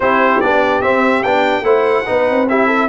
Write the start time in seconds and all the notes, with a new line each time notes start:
0.00 C4 E4 G4 C5
0.40 B3 D4 D5
0.81 C4 E5
1.23 B3 D4 G5
1.61 A3 E4 C5 F#5
2.06 B3 D#4 B4
2.29 C4
2.48 E4 G4 E5
2.66 A4